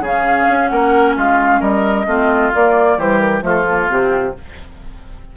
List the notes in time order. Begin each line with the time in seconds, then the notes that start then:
0.00 C#3 C#4 G#4 F5
0.49 C#4
0.68 A#3 A#4 F#5
1.16 G#3 F4 F5
1.60 G3 A#4 D#5
2.06 A3 C4 F4
2.54 A#3 D5
2.97 E3 G3 G4 C5
3.19 A#4
3.41 F3 A3 F4 A4
3.68 A#3
3.89 C3 C4 G4